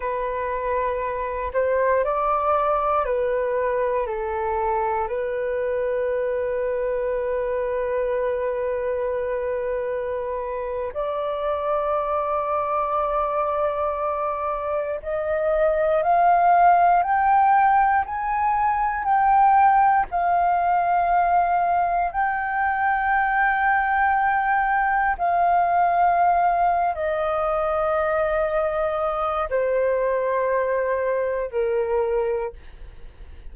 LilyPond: \new Staff \with { instrumentName = "flute" } { \time 4/4 \tempo 4 = 59 b'4. c''8 d''4 b'4 | a'4 b'2.~ | b'2~ b'8. d''4~ d''16~ | d''2~ d''8. dis''4 f''16~ |
f''8. g''4 gis''4 g''4 f''16~ | f''4.~ f''16 g''2~ g''16~ | g''8. f''4.~ f''16 dis''4.~ | dis''4 c''2 ais'4 | }